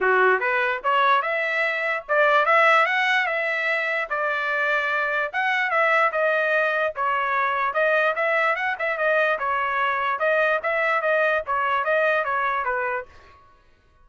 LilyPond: \new Staff \with { instrumentName = "trumpet" } { \time 4/4 \tempo 4 = 147 fis'4 b'4 cis''4 e''4~ | e''4 d''4 e''4 fis''4 | e''2 d''2~ | d''4 fis''4 e''4 dis''4~ |
dis''4 cis''2 dis''4 | e''4 fis''8 e''8 dis''4 cis''4~ | cis''4 dis''4 e''4 dis''4 | cis''4 dis''4 cis''4 b'4 | }